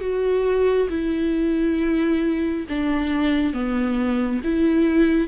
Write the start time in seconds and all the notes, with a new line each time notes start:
0.00 F#4
0.89 E4
2.69 D4
3.53 B3
4.44 E4